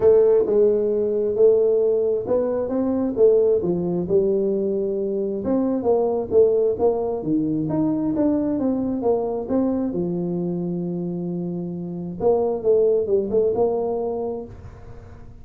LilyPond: \new Staff \with { instrumentName = "tuba" } { \time 4/4 \tempo 4 = 133 a4 gis2 a4~ | a4 b4 c'4 a4 | f4 g2. | c'4 ais4 a4 ais4 |
dis4 dis'4 d'4 c'4 | ais4 c'4 f2~ | f2. ais4 | a4 g8 a8 ais2 | }